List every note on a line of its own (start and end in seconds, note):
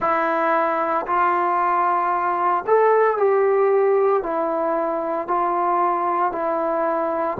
0.00 1.05 E4
1.06 2.64 F4
2.67 3.17 A4
3.17 4.22 G4
4.22 5.27 E4
5.27 6.32 F4
6.32 7.37 E4